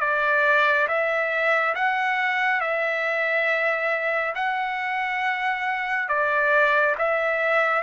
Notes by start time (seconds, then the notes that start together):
0.00 D5
0.87 E5
1.75 F#5
2.60 E5
4.35 F#5
6.08 D5
6.98 E5